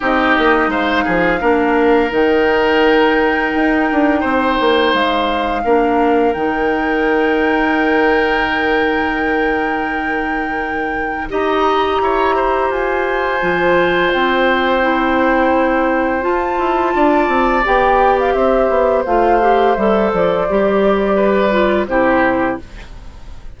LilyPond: <<
  \new Staff \with { instrumentName = "flute" } { \time 4/4 \tempo 4 = 85 dis''4 f''2 g''4~ | g''2. f''4~ | f''4 g''2.~ | g''1 |
ais''2 gis''2 | g''2. a''4~ | a''4 g''8. f''16 e''4 f''4 | e''8 d''2~ d''8 c''4 | }
  \new Staff \with { instrumentName = "oboe" } { \time 4/4 g'4 c''8 gis'8 ais'2~ | ais'2 c''2 | ais'1~ | ais'1 |
dis''4 cis''8 c''2~ c''8~ | c''1 | d''2 c''2~ | c''2 b'4 g'4 | }
  \new Staff \with { instrumentName = "clarinet" } { \time 4/4 dis'2 d'4 dis'4~ | dis'1 | d'4 dis'2.~ | dis'1 |
g'2. f'4~ | f'4 e'2 f'4~ | f'4 g'2 f'8 g'8 | a'4 g'4. f'8 e'4 | }
  \new Staff \with { instrumentName = "bassoon" } { \time 4/4 c'8 ais8 gis8 f8 ais4 dis4~ | dis4 dis'8 d'8 c'8 ais8 gis4 | ais4 dis2.~ | dis1 |
dis'4 e'4 f'4 f4 | c'2. f'8 e'8 | d'8 c'8 b4 c'8 b8 a4 | g8 f8 g2 c4 | }
>>